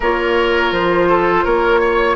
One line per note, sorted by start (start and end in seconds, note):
0.00 0.71 A#3
0.00 2.16 F4
0.00 1.08 A#4
0.00 0.73 C#5
0.71 1.44 F3
0.71 1.45 C5
1.09 1.44 A4
1.44 2.16 A#3
1.44 1.80 A#4
1.44 2.16 C#5
1.80 2.16 C#5